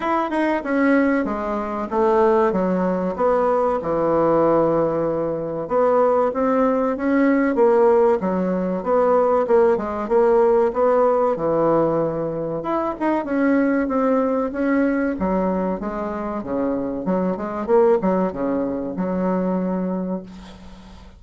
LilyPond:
\new Staff \with { instrumentName = "bassoon" } { \time 4/4 \tempo 4 = 95 e'8 dis'8 cis'4 gis4 a4 | fis4 b4 e2~ | e4 b4 c'4 cis'4 | ais4 fis4 b4 ais8 gis8 |
ais4 b4 e2 | e'8 dis'8 cis'4 c'4 cis'4 | fis4 gis4 cis4 fis8 gis8 | ais8 fis8 cis4 fis2 | }